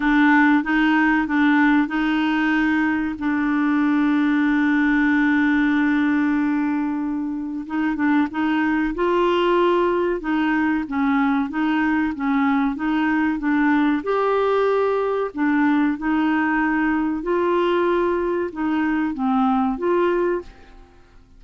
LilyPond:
\new Staff \with { instrumentName = "clarinet" } { \time 4/4 \tempo 4 = 94 d'4 dis'4 d'4 dis'4~ | dis'4 d'2.~ | d'1 | dis'8 d'8 dis'4 f'2 |
dis'4 cis'4 dis'4 cis'4 | dis'4 d'4 g'2 | d'4 dis'2 f'4~ | f'4 dis'4 c'4 f'4 | }